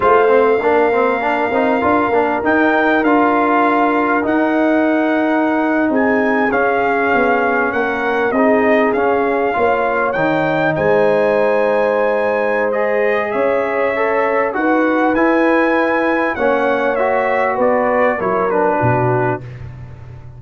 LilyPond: <<
  \new Staff \with { instrumentName = "trumpet" } { \time 4/4 \tempo 4 = 99 f''1 | g''4 f''2 fis''4~ | fis''4.~ fis''16 gis''4 f''4~ f''16~ | f''8. fis''4 dis''4 f''4~ f''16~ |
f''8. g''4 gis''2~ gis''16~ | gis''4 dis''4 e''2 | fis''4 gis''2 fis''4 | e''4 d''4 cis''8 b'4. | }
  \new Staff \with { instrumentName = "horn" } { \time 4/4 c''4 ais'2.~ | ais'1~ | ais'4.~ ais'16 gis'2~ gis'16~ | gis'8. ais'4 gis'2 cis''16~ |
cis''4.~ cis''16 c''2~ c''16~ | c''2 cis''2 | b'2. cis''4~ | cis''4 b'4 ais'4 fis'4 | }
  \new Staff \with { instrumentName = "trombone" } { \time 4/4 f'8 c'8 d'8 c'8 d'8 dis'8 f'8 d'8 | dis'4 f'2 dis'4~ | dis'2~ dis'8. cis'4~ cis'16~ | cis'4.~ cis'16 dis'4 cis'4 f'16~ |
f'8. dis'2.~ dis'16~ | dis'4 gis'2 a'4 | fis'4 e'2 cis'4 | fis'2 e'8 d'4. | }
  \new Staff \with { instrumentName = "tuba" } { \time 4/4 a4 ais4. c'8 d'8 ais8 | dis'4 d'2 dis'4~ | dis'4.~ dis'16 c'4 cis'4 b16~ | b8. ais4 c'4 cis'4 ais16~ |
ais8. dis4 gis2~ gis16~ | gis2 cis'2 | dis'4 e'2 ais4~ | ais4 b4 fis4 b,4 | }
>>